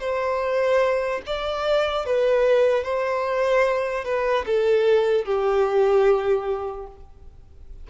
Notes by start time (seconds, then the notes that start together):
0.00 C5
1.26 D5
2.06 B4
2.84 C5
4.05 B4
4.47 A4
5.25 G4